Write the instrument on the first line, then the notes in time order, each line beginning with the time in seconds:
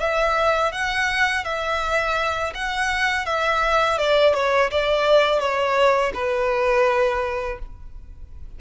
violin
0.00 E5
0.72 F#5
1.45 E5
2.55 F#5
3.26 E5
3.98 D5
4.34 C#5
4.71 D5
5.40 C#5
6.14 B4